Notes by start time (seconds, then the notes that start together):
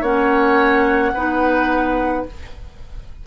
0.00 A#3 C#4 C#5 F#5
1.13 B3 D#4 B4